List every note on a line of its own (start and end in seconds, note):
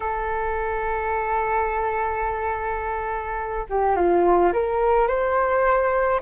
0.00 3.66 A4
3.69 3.95 G4
3.95 4.52 F4
4.52 5.07 A#4
5.07 6.21 C5